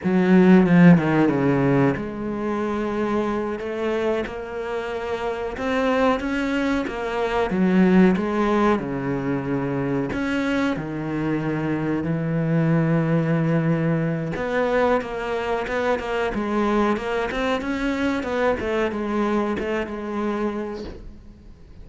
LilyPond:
\new Staff \with { instrumentName = "cello" } { \time 4/4 \tempo 4 = 92 fis4 f8 dis8 cis4 gis4~ | gis4. a4 ais4.~ | ais8 c'4 cis'4 ais4 fis8~ | fis8 gis4 cis2 cis'8~ |
cis'8 dis2 e4.~ | e2 b4 ais4 | b8 ais8 gis4 ais8 c'8 cis'4 | b8 a8 gis4 a8 gis4. | }